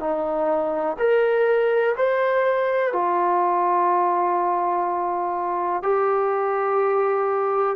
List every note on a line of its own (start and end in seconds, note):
0.00 0.97 D#4
0.99 1.95 A#4
1.97 2.93 C5
2.93 5.83 F4
5.83 7.76 G4